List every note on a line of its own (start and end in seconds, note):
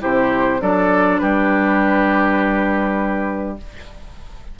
0.00 0.62 C3
0.00 0.59 E4
0.00 0.61 G4
0.00 0.62 C5
0.61 1.21 F#3
0.61 3.58 D4
0.61 1.22 A4
0.61 1.18 D5
1.18 3.60 G3
1.18 3.59 G4
1.18 3.56 B4